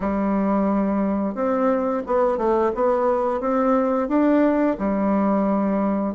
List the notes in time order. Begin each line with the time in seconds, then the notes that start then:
0.00 G3
1.35 C4
2.06 B3
2.37 A3
2.74 B3
3.40 C4
4.08 D4
4.78 G3